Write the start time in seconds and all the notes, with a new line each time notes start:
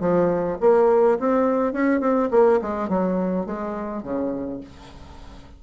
0.00 F3
0.61 A#3
1.19 C4
1.73 C#4
2.00 C4
2.31 A#3
2.62 G#3
2.89 F#3
3.46 G#3
4.03 C#3